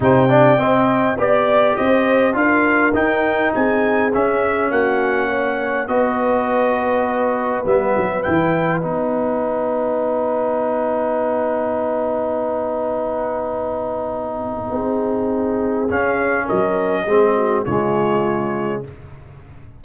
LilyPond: <<
  \new Staff \with { instrumentName = "trumpet" } { \time 4/4 \tempo 4 = 102 g''2 d''4 dis''4 | f''4 g''4 gis''4 e''4 | fis''2 dis''2~ | dis''4 e''4 g''4 fis''4~ |
fis''1~ | fis''1~ | fis''2. f''4 | dis''2 cis''2 | }
  \new Staff \with { instrumentName = "horn" } { \time 4/4 c''8 d''8 dis''4 d''4 c''4 | ais'2 gis'2 | fis'4 cis''4 b'2~ | b'1~ |
b'1~ | b'1~ | b'4 gis'2. | ais'4 gis'8 fis'8 f'2 | }
  \new Staff \with { instrumentName = "trombone" } { \time 4/4 dis'8 d'8 c'4 g'2 | f'4 dis'2 cis'4~ | cis'2 fis'2~ | fis'4 b4 e'4 dis'4~ |
dis'1~ | dis'1~ | dis'2. cis'4~ | cis'4 c'4 gis2 | }
  \new Staff \with { instrumentName = "tuba" } { \time 4/4 c4 c'4 b4 c'4 | d'4 dis'4 c'4 cis'4 | ais2 b2~ | b4 g8 fis8 e4 b4~ |
b1~ | b1~ | b4 c'2 cis'4 | fis4 gis4 cis2 | }
>>